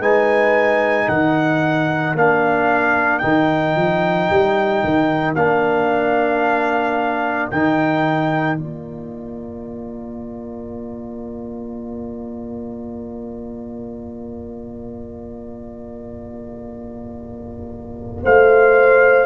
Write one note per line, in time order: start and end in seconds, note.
0.00 1.07 G#3
0.00 2.16 D#4
0.00 1.08 B4
0.00 1.09 G#5
1.08 2.15 D#3
1.08 18.22 A#4
1.08 2.16 F#5
2.15 3.22 A#3
2.15 3.22 D4
2.15 3.19 F5
3.19 3.77 D#3
3.19 5.36 D#4
3.19 5.33 G5
3.77 4.30 F3
4.30 4.84 G3
4.84 5.35 D#3
5.35 7.50 A#3
5.35 7.52 D4
5.35 7.50 F5
7.51 8.59 D#3
7.51 8.58 D#4
7.51 8.58 G5
8.58 18.23 A#3
8.58 19.27 F4
8.58 18.22 D5
18.23 19.27 A3
18.23 19.27 C5
18.23 19.27 F5